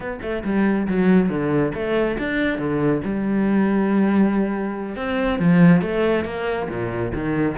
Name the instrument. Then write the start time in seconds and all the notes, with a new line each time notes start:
cello
0.00 B3
0.21 A3
0.44 G3
0.87 F#3
1.29 D3
1.74 A3
2.18 D4
2.58 D3
3.04 G3
4.96 C4
5.39 F3
5.81 A3
6.24 A#3
6.69 A#2
7.14 D#3